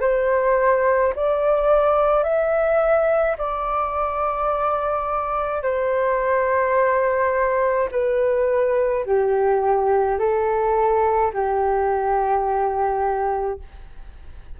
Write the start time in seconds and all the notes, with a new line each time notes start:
0.00 C5
1.16 D5
2.23 E5
3.38 D5
5.62 C5
7.91 B4
9.05 G4
10.18 A4
11.33 G4